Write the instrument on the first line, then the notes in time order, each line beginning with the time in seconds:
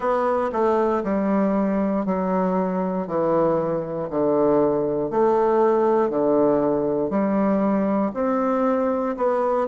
bassoon
0.00 B3
0.52 A3
1.04 G3
2.05 F#3
3.07 E3
4.10 D3
5.10 A3
6.10 D3
7.10 G3
8.14 C4
9.16 B3